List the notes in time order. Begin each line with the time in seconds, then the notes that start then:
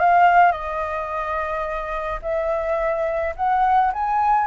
0.00 F5
0.52 D#5
2.23 E5
3.37 F#5
3.93 G#5